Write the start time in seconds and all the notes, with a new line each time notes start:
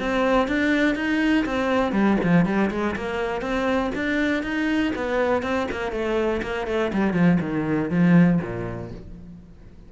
0.00 C4
0.48 D4
0.95 D#4
1.45 C4
1.92 G3
2.23 F3
2.46 G3
2.71 G#3
2.96 A#3
3.42 C4
3.95 D4
4.43 D#4
4.96 B3
5.43 C4
5.71 A#3
5.92 A3
6.42 A#3
6.67 A3
6.93 G3
7.13 F3
7.41 D#3
7.90 F3
8.42 A#2